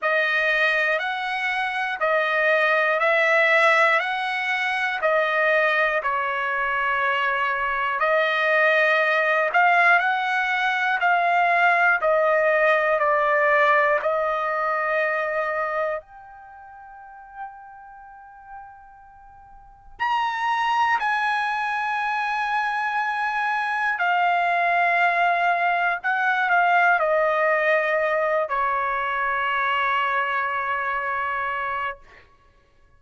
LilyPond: \new Staff \with { instrumentName = "trumpet" } { \time 4/4 \tempo 4 = 60 dis''4 fis''4 dis''4 e''4 | fis''4 dis''4 cis''2 | dis''4. f''8 fis''4 f''4 | dis''4 d''4 dis''2 |
g''1 | ais''4 gis''2. | f''2 fis''8 f''8 dis''4~ | dis''8 cis''2.~ cis''8 | }